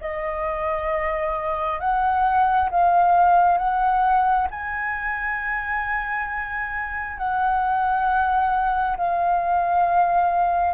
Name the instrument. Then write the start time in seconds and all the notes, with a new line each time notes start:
flute
0.00 D#5
1.80 F#5
2.70 F5
3.57 F#5
4.50 G#5
7.17 F#5
8.97 F5